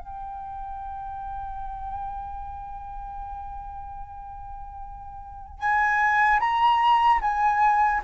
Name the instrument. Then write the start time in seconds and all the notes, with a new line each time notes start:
flute
0.00 G5
5.59 G#5
6.40 A#5
7.21 G#5